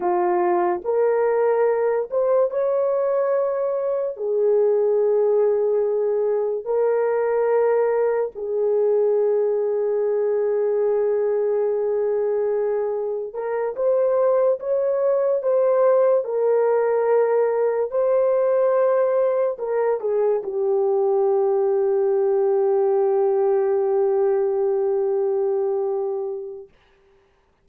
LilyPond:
\new Staff \with { instrumentName = "horn" } { \time 4/4 \tempo 4 = 72 f'4 ais'4. c''8 cis''4~ | cis''4 gis'2. | ais'2 gis'2~ | gis'1 |
ais'8 c''4 cis''4 c''4 ais'8~ | ais'4. c''2 ais'8 | gis'8 g'2.~ g'8~ | g'1 | }